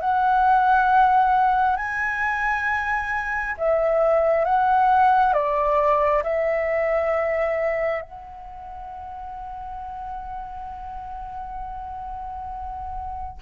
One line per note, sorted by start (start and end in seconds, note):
0.00 1.76 F#5
1.76 3.55 G#5
3.57 4.45 E5
4.45 5.33 F#5
5.33 6.22 D5
6.23 8.01 E5
8.01 13.38 F#5